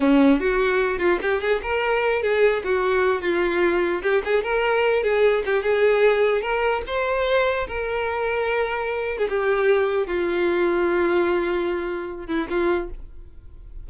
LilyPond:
\new Staff \with { instrumentName = "violin" } { \time 4/4 \tempo 4 = 149 cis'4 fis'4. f'8 g'8 gis'8 | ais'4. gis'4 fis'4. | f'2 g'8 gis'8 ais'4~ | ais'8 gis'4 g'8 gis'2 |
ais'4 c''2 ais'4~ | ais'2~ ais'8. gis'16 g'4~ | g'4 f'2.~ | f'2~ f'8 e'8 f'4 | }